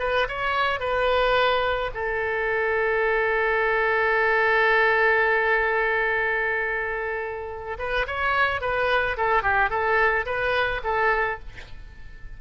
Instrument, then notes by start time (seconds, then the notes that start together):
oboe
0.00 B4
0.29 C#5
0.80 B4
1.95 A4
7.79 B4
8.07 C#5
8.61 B4
9.17 A4
9.43 G4
9.70 A4
10.26 B4
10.84 A4